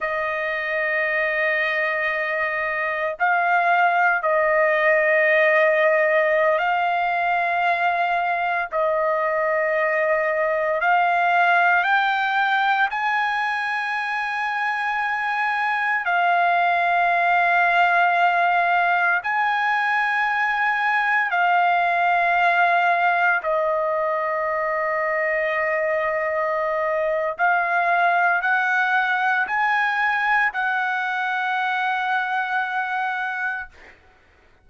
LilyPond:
\new Staff \with { instrumentName = "trumpet" } { \time 4/4 \tempo 4 = 57 dis''2. f''4 | dis''2~ dis''16 f''4.~ f''16~ | f''16 dis''2 f''4 g''8.~ | g''16 gis''2. f''8.~ |
f''2~ f''16 gis''4.~ gis''16~ | gis''16 f''2 dis''4.~ dis''16~ | dis''2 f''4 fis''4 | gis''4 fis''2. | }